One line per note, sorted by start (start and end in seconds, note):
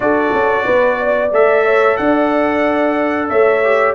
0.00 0.31 D4
0.00 1.30 F#4
0.00 0.65 A4
0.00 1.31 D5
0.33 0.66 C#4
0.65 1.31 B3
0.65 0.98 B4
0.99 1.65 D5
1.31 1.97 A3
1.31 3.63 A4
1.31 1.96 E5
1.65 1.98 C#5
1.96 3.30 D4
1.96 3.29 D5
1.96 3.28 F#5
3.29 3.95 A3
3.29 3.95 C#5
3.29 3.95 E5
3.63 3.95 G4